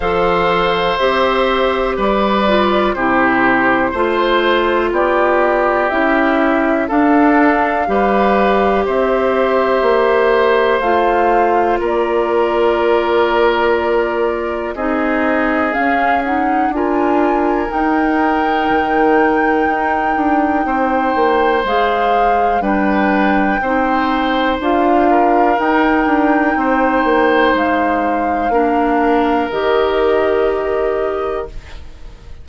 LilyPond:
<<
  \new Staff \with { instrumentName = "flute" } { \time 4/4 \tempo 4 = 61 f''4 e''4 d''4 c''4~ | c''4 d''4 e''4 f''4~ | f''4 e''2 f''4 | d''2. dis''4 |
f''8 fis''8 gis''4 g''2~ | g''2 f''4 g''4~ | g''4 f''4 g''2 | f''2 dis''2 | }
  \new Staff \with { instrumentName = "oboe" } { \time 4/4 c''2 b'4 g'4 | c''4 g'2 a'4 | b'4 c''2. | ais'2. gis'4~ |
gis'4 ais'2.~ | ais'4 c''2 b'4 | c''4. ais'4. c''4~ | c''4 ais'2. | }
  \new Staff \with { instrumentName = "clarinet" } { \time 4/4 a'4 g'4. f'8 e'4 | f'2 e'4 d'4 | g'2. f'4~ | f'2. dis'4 |
cis'8 dis'8 f'4 dis'2~ | dis'2 gis'4 d'4 | dis'4 f'4 dis'2~ | dis'4 d'4 g'2 | }
  \new Staff \with { instrumentName = "bassoon" } { \time 4/4 f4 c'4 g4 c4 | a4 b4 cis'4 d'4 | g4 c'4 ais4 a4 | ais2. c'4 |
cis'4 d'4 dis'4 dis4 | dis'8 d'8 c'8 ais8 gis4 g4 | c'4 d'4 dis'8 d'8 c'8 ais8 | gis4 ais4 dis2 | }
>>